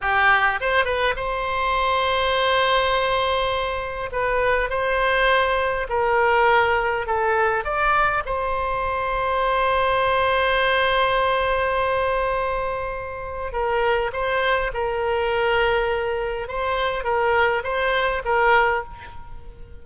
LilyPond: \new Staff \with { instrumentName = "oboe" } { \time 4/4 \tempo 4 = 102 g'4 c''8 b'8 c''2~ | c''2. b'4 | c''2 ais'2 | a'4 d''4 c''2~ |
c''1~ | c''2. ais'4 | c''4 ais'2. | c''4 ais'4 c''4 ais'4 | }